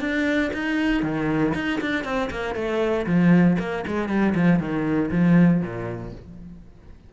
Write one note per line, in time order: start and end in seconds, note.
0.00 0.51 D4
0.53 1.02 D#4
1.02 1.53 D#3
1.55 1.80 D#4
1.81 2.04 D4
2.04 2.30 C4
2.30 2.55 A#3
2.55 3.06 A3
3.06 3.57 F3
3.59 3.84 A#3
3.87 4.08 G#3
4.08 4.34 G3
4.35 4.59 F3
4.59 5.10 D#3
5.11 5.61 F3
5.61 6.12 A#2